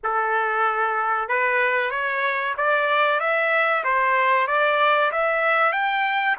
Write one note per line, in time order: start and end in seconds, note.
0.03 1.28 A4
1.28 1.90 B4
1.90 2.54 C#5
2.57 3.19 D5
3.19 3.83 E5
3.84 4.47 C5
4.47 5.11 D5
5.11 5.72 E5
5.72 6.36 G5